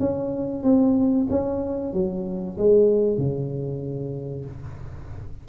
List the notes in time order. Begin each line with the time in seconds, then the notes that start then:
0.00 C#4
0.64 C4
1.30 C#4
1.94 F#3
2.58 G#3
3.18 C#3